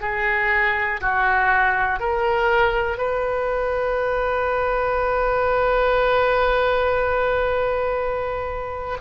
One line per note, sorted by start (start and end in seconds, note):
0.00 1.00 G#4
1.00 2.00 F#4
2.00 2.97 A#4
2.97 8.97 B4